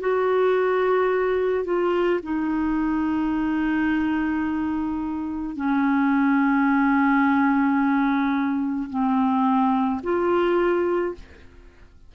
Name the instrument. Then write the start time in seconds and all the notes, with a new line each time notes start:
clarinet
0.00 F#4
1.64 F4
2.23 D#4
5.56 C#4
8.89 C4
10.03 F4